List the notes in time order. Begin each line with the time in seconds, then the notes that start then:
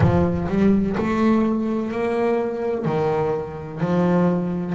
0.00 F3
0.48 G3
0.97 A3
1.91 A#3
2.85 D#3
3.80 F3